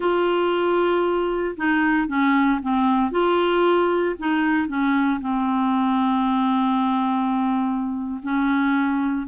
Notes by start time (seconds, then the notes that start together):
0.00 F4
1.57 D#4
2.07 C#4
2.62 C4
3.11 F4
4.18 D#4
4.67 C#4
5.20 C4
8.22 C#4